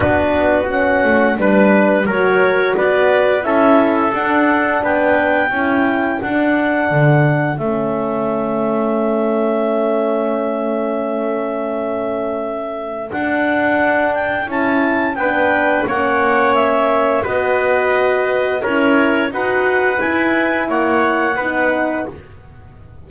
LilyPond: <<
  \new Staff \with { instrumentName = "clarinet" } { \time 4/4 \tempo 4 = 87 b'4 fis''4 b'4 cis''4 | d''4 e''4 fis''4 g''4~ | g''4 fis''2 e''4~ | e''1~ |
e''2. fis''4~ | fis''8 g''8 a''4 g''4 fis''4 | e''4 dis''2 cis''4 | fis''4 gis''4 fis''2 | }
  \new Staff \with { instrumentName = "trumpet" } { \time 4/4 fis'2 b'4 ais'4 | b'4 a'2 b'4 | a'1~ | a'1~ |
a'1~ | a'2 b'4 cis''4~ | cis''4 b'2 ais'4 | b'2 cis''4 b'4 | }
  \new Staff \with { instrumentName = "horn" } { \time 4/4 d'4 cis'4 d'4 fis'4~ | fis'4 e'4 d'2 | e'4 d'2 cis'4~ | cis'1~ |
cis'2. d'4~ | d'4 e'4 d'4 cis'4~ | cis'4 fis'2 e'4 | fis'4 e'2 dis'4 | }
  \new Staff \with { instrumentName = "double bass" } { \time 4/4 b4. a8 g4 fis4 | b4 cis'4 d'4 b4 | cis'4 d'4 d4 a4~ | a1~ |
a2. d'4~ | d'4 cis'4 b4 ais4~ | ais4 b2 cis'4 | dis'4 e'4 ais4 b4 | }
>>